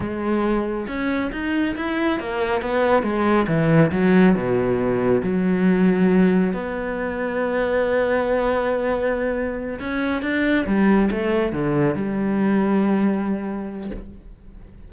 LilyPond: \new Staff \with { instrumentName = "cello" } { \time 4/4 \tempo 4 = 138 gis2 cis'4 dis'4 | e'4 ais4 b4 gis4 | e4 fis4 b,2 | fis2. b4~ |
b1~ | b2~ b8 cis'4 d'8~ | d'8 g4 a4 d4 g8~ | g1 | }